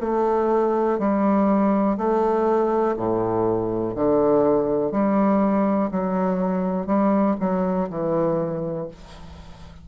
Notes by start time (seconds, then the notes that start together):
0.00 A3
0.98 G3
1.97 A3
2.96 A2
3.95 D3
4.91 G3
5.91 F#3
6.86 G3
7.40 F#3
7.90 E3